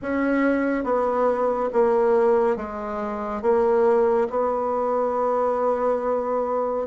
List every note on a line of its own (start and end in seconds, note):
0.02 0.84 C#4
0.84 1.69 B3
1.73 2.56 A#3
2.56 3.41 G#3
3.41 4.27 A#3
4.29 6.86 B3